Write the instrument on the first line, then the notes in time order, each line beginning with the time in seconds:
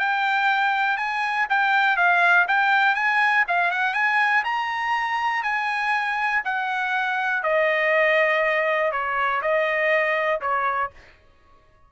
trumpet
0.00 G5
0.98 G#5
1.50 G5
1.97 F5
2.48 G5
2.95 G#5
3.48 F5
3.72 F#5
3.94 G#5
4.45 A#5
5.43 G#5
6.45 F#5
7.44 D#5
8.92 C#5
9.42 D#5
10.41 C#5